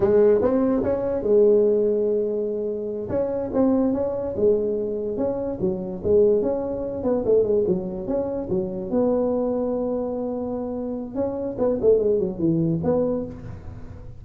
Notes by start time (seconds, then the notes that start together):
0.00 G#3
0.41 C4
0.83 C#4
1.22 G#3
3.09 C#4
3.53 C4
3.93 C#4
4.36 G#3
5.17 C#4
5.60 F#3
6.03 G#3
6.42 C#4
7.03 B3
7.25 A3
7.43 G#3
7.67 F#3
8.07 C#4
8.49 F#3
8.90 B3
11.14 C#4
11.58 B3
11.81 A3
11.98 G#3
12.19 F#3
12.38 E3
12.83 B3